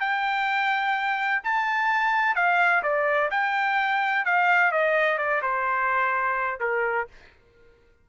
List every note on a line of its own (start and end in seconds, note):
0.00 1.42 G5
1.44 2.35 A5
2.35 2.83 F5
2.83 3.30 D5
3.31 4.25 G5
4.26 4.72 F5
4.72 5.18 D#5
5.18 5.42 D5
5.42 6.60 C5
6.60 7.08 A#4